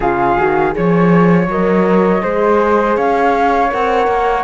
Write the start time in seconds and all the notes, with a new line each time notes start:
0.00 C#3 F4 G#4 F5
0.38 D#3 F#4
0.71 G#4 C#5
0.77 F3
1.47 F#3 A#4 D#5
2.21 G#3 G#4 C5
2.96 C#4 C#5 F5
3.69 C4 A#4 F#5
4.07 A#3